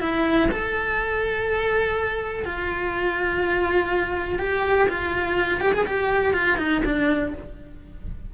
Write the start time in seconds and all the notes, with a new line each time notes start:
0.00 E4
0.52 A4
2.45 F4
4.39 G4
4.89 F4
5.61 G4
5.73 G#4
5.86 G4
6.34 F4
6.58 D#4
6.85 D4